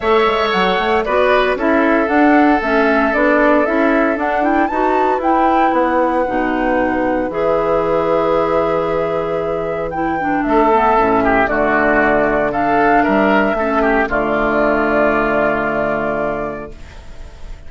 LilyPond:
<<
  \new Staff \with { instrumentName = "flute" } { \time 4/4 \tempo 4 = 115 e''4 fis''4 d''4 e''4 | fis''4 e''4 d''4 e''4 | fis''8 g''8 a''4 g''4 fis''4~ | fis''2 e''2~ |
e''2. g''4 | e''2 d''2 | f''4 e''2 d''4~ | d''1 | }
  \new Staff \with { instrumentName = "oboe" } { \time 4/4 cis''2 b'4 a'4~ | a'1~ | a'4 b'2.~ | b'1~ |
b'1 | a'4. g'8 fis'2 | a'4 ais'4 a'8 g'8 f'4~ | f'1 | }
  \new Staff \with { instrumentName = "clarinet" } { \time 4/4 a'2 fis'4 e'4 | d'4 cis'4 d'4 e'4 | d'8 e'8 fis'4 e'2 | dis'2 gis'2~ |
gis'2. e'8 d'8~ | d'8 b8 cis'4 a2 | d'2 cis'4 a4~ | a1 | }
  \new Staff \with { instrumentName = "bassoon" } { \time 4/4 a8 gis8 fis8 a8 b4 cis'4 | d'4 a4 b4 cis'4 | d'4 dis'4 e'4 b4 | b,2 e2~ |
e1 | a4 a,4 d2~ | d4 g4 a4 d4~ | d1 | }
>>